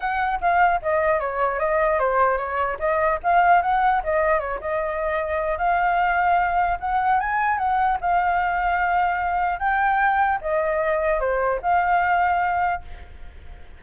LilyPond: \new Staff \with { instrumentName = "flute" } { \time 4/4 \tempo 4 = 150 fis''4 f''4 dis''4 cis''4 | dis''4 c''4 cis''4 dis''4 | f''4 fis''4 dis''4 cis''8 dis''8~ | dis''2 f''2~ |
f''4 fis''4 gis''4 fis''4 | f''1 | g''2 dis''2 | c''4 f''2. | }